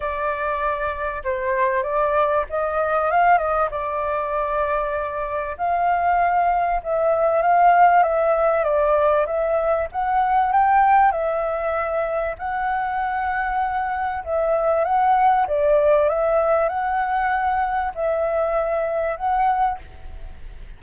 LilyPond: \new Staff \with { instrumentName = "flute" } { \time 4/4 \tempo 4 = 97 d''2 c''4 d''4 | dis''4 f''8 dis''8 d''2~ | d''4 f''2 e''4 | f''4 e''4 d''4 e''4 |
fis''4 g''4 e''2 | fis''2. e''4 | fis''4 d''4 e''4 fis''4~ | fis''4 e''2 fis''4 | }